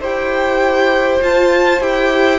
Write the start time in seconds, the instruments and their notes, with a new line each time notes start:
0.00 cello E4, viola G4, violin C5 G5
1.21 viola F4, cello F4, violin A5
1.80 cello E4, viola G4, violin G5